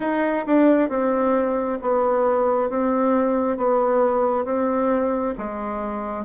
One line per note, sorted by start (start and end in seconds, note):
0.00 0.45 D#4
0.46 0.89 D4
0.89 1.78 C4
1.81 2.69 B3
2.69 3.57 C4
3.57 4.45 B3
4.45 5.34 C4
5.37 6.25 G#3